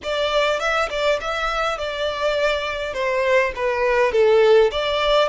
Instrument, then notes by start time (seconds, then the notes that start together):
violin
0.03 D5
0.59 E5
0.90 D5
1.21 E5
1.78 D5
2.93 C5
3.55 B4
4.12 A4
4.71 D5